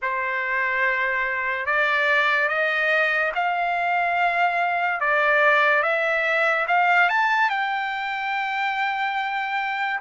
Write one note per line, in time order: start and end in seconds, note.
0.02 1.66 C5
1.66 2.48 D5
2.48 3.31 D#5
3.34 5.00 F5
5.00 5.83 D5
5.83 6.66 E5
6.67 7.09 F5
7.09 7.49 A5
7.49 9.99 G5